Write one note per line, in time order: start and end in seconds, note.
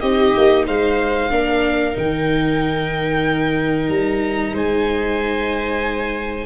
0.00 0.34 C4
0.00 1.30 D#4
0.00 0.65 G4
0.00 0.65 D#5
0.36 0.67 A#3
0.65 1.31 G#3
0.65 1.30 C5
0.65 1.96 F5
1.30 1.95 A#3
1.30 1.94 D4
1.30 4.53 A#4
1.94 3.88 D#3
1.94 6.45 D#4
1.94 3.89 G5
3.88 4.52 G3
3.88 4.54 A#5
4.52 6.46 G#3
4.52 6.46 C5
4.52 6.46 G#5